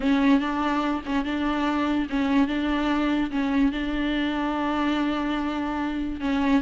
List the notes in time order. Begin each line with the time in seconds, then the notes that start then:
0.00 C#4
0.39 D4
1.05 C#4
1.25 D4
2.09 C#4
2.47 D4
3.30 C#4
3.71 D4
6.20 C#4